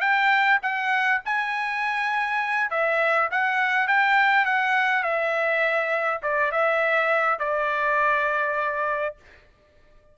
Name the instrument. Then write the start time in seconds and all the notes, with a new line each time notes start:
trumpet
0.00 G5
0.62 F#5
1.25 G#5
2.70 E5
3.31 F#5
3.87 G5
4.45 F#5
5.03 E5
6.22 D5
6.51 E5
7.39 D5